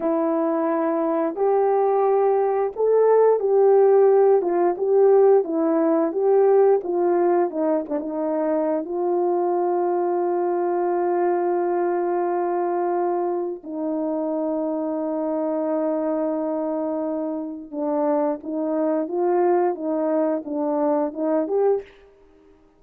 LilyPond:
\new Staff \with { instrumentName = "horn" } { \time 4/4 \tempo 4 = 88 e'2 g'2 | a'4 g'4. f'8 g'4 | e'4 g'4 f'4 dis'8 d'16 dis'16~ | dis'4 f'2.~ |
f'1 | dis'1~ | dis'2 d'4 dis'4 | f'4 dis'4 d'4 dis'8 g'8 | }